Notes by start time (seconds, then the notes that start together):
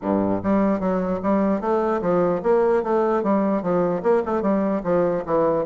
0.01 G2
0.43 G3
0.80 F#3
1.22 G3
1.60 A3
2.01 F3
2.42 A#3
2.83 A3
3.23 G3
3.62 F3
4.02 A#3
4.25 A3
4.41 G3
4.83 F3
5.25 E3